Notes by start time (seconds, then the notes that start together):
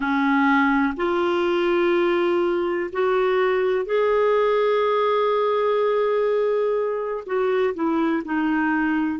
0.00 C#4
0.96 F4
2.92 F#4
3.85 G#4
7.25 F#4
7.74 E4
8.25 D#4